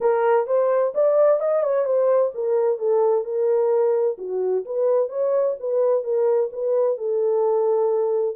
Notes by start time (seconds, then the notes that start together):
0.00 A#4
0.46 C5
0.94 D5
1.40 D#5
1.63 C#5
1.85 C5
2.34 A#4
2.78 A4
3.24 A#4
4.18 F#4
4.65 B4
5.08 C#5
5.59 B4
6.03 A#4
6.52 B4
6.97 A4